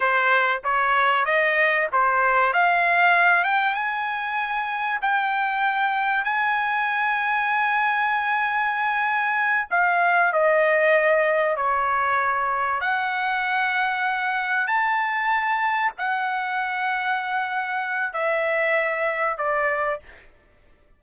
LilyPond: \new Staff \with { instrumentName = "trumpet" } { \time 4/4 \tempo 4 = 96 c''4 cis''4 dis''4 c''4 | f''4. g''8 gis''2 | g''2 gis''2~ | gis''2.~ gis''8 f''8~ |
f''8 dis''2 cis''4.~ | cis''8 fis''2. a''8~ | a''4. fis''2~ fis''8~ | fis''4 e''2 d''4 | }